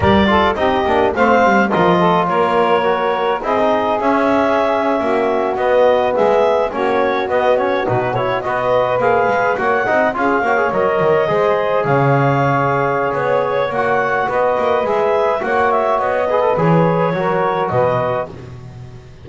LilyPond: <<
  \new Staff \with { instrumentName = "clarinet" } { \time 4/4 \tempo 4 = 105 d''4 dis''4 f''4 dis''4 | cis''2 dis''4 e''4~ | e''4.~ e''16 dis''4 e''4 cis''16~ | cis''8. dis''8 cis''8 b'8 cis''8 dis''4 f''16~ |
f''8. fis''4 f''4 dis''4~ dis''16~ | dis''8. f''2~ f''16 cis''4 | fis''4 dis''4 e''4 fis''8 e''8 | dis''4 cis''2 dis''4 | }
  \new Staff \with { instrumentName = "saxophone" } { \time 4/4 ais'8 a'8 g'4 c''4 ais'8 a'8 | ais'2 gis'2~ | gis'8. fis'2 gis'4 fis'16~ | fis'2~ fis'8. b'4~ b'16~ |
b'8. cis''8 dis''8 gis'8 cis''4. c''16~ | c''8. cis''2.~ cis''16~ | cis''4 b'2 cis''4~ | cis''8 b'4. ais'4 b'4 | }
  \new Staff \with { instrumentName = "trombone" } { \time 4/4 g'8 f'8 dis'8 d'8 c'4 f'4~ | f'4 fis'4 e'16 dis'8. cis'4~ | cis'4.~ cis'16 b2 cis'16~ | cis'8. b8 cis'8 dis'8 e'8 fis'4 gis'16~ |
gis'8. fis'8 dis'8 f'8 fis'16 gis'16 ais'4 gis'16~ | gis'1 | fis'2 gis'4 fis'4~ | fis'8 gis'16 a'16 gis'4 fis'2 | }
  \new Staff \with { instrumentName = "double bass" } { \time 4/4 g4 c'8 ais8 a8 g8 f4 | ais2 c'4 cis'4~ | cis'8. ais4 b4 gis4 ais16~ | ais8. b4 b,4 b4 ais16~ |
ais16 gis8 ais8 c'8 cis'8 ais8 fis8 dis8 gis16~ | gis8. cis2~ cis16 b4 | ais4 b8 ais8 gis4 ais4 | b4 e4 fis4 b,4 | }
>>